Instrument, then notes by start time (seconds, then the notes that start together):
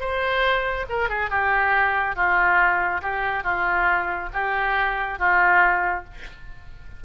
oboe
0.00 C5
0.89 A#4
1.09 G#4
1.30 G4
2.16 F4
3.02 G4
3.44 F4
4.33 G4
5.19 F4